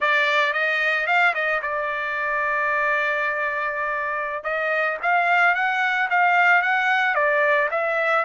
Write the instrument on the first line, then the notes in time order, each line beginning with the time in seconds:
trumpet
0.00 D5
0.53 D#5
1.06 F5
1.34 D#5
1.61 D5
4.43 D#5
5.02 F5
5.54 F#5
6.10 F5
6.61 F#5
7.14 D5
7.70 E5